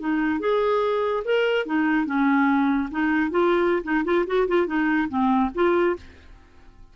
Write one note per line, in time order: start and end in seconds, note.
0.00 0.40 D#4
0.40 1.23 G#4
1.25 1.66 A#4
1.66 2.06 D#4
2.06 2.89 C#4
2.91 3.31 D#4
3.31 3.83 F4
3.84 4.04 D#4
4.05 4.26 F4
4.27 4.47 F#4
4.48 4.67 F4
4.67 5.08 D#4
5.09 5.51 C4
5.55 5.96 F4